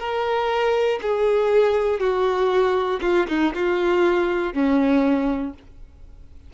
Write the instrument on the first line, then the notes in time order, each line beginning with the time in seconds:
violin
0.00 A#4
1.02 G#4
2.00 F#4
3.01 F4
3.29 D#4
3.54 F4
4.54 C#4